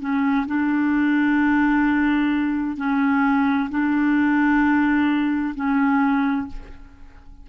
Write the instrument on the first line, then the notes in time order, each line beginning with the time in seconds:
clarinet
0.00 C#4
0.47 D4
2.77 C#4
3.70 D4
5.55 C#4